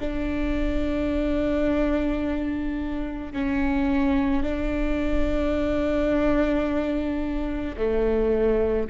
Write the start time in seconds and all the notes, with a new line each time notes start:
0.00 D4
3.33 C#4
4.43 D4
7.77 A3